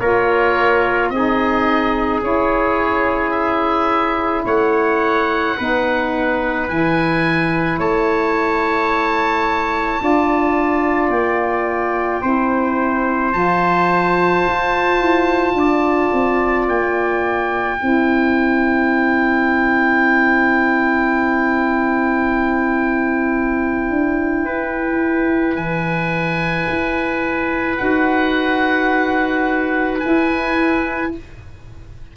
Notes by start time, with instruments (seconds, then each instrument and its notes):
0.00 tuba A#3, saxophone F4, trumpet A#4, oboe C#5
1.10 tuba C4, saxophone D#4, trumpet G#4, oboe D#5
2.22 tuba C#4, saxophone E4, oboe C#5
3.31 oboe E5
4.46 tuba A3, trumpet C#5, oboe F#5
5.58 tuba B3, saxophone D#4, trumpet B4
6.69 tuba E3, saxophone E4, oboe G#5
7.78 tuba A3, trumpet C#5, oboe A5
10.00 tuba D4, saxophone F4, trumpet D5
11.09 tuba A#3, oboe G5
12.22 tuba C4, saxophone E4, trumpet C5
13.33 tuba F3, saxophone F4, oboe A5
14.47 tuba F4
15.00 tuba E4
15.55 tuba D4, trumpet D5
16.13 tuba C4
16.69 tuba A#3, oboe G5
17.80 tuba C4, saxophone E4, trumpet C5
23.91 tuba D4
24.45 tuba E4, trumpet B4
25.56 tuba E3, oboe G#5
26.68 tuba E4
27.78 tuba D#4, saxophone F#4, oboe F#5
30.00 saxophone E4, tuba E4, oboe G#5